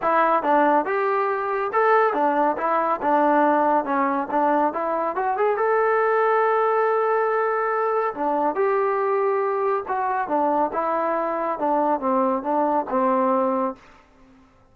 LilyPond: \new Staff \with { instrumentName = "trombone" } { \time 4/4 \tempo 4 = 140 e'4 d'4 g'2 | a'4 d'4 e'4 d'4~ | d'4 cis'4 d'4 e'4 | fis'8 gis'8 a'2.~ |
a'2. d'4 | g'2. fis'4 | d'4 e'2 d'4 | c'4 d'4 c'2 | }